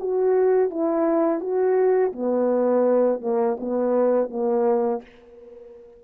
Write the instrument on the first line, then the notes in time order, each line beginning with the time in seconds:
horn
0.00 F#4
0.70 E4
1.40 F#4
2.13 B3
3.21 A#3
3.60 B3
4.30 A#3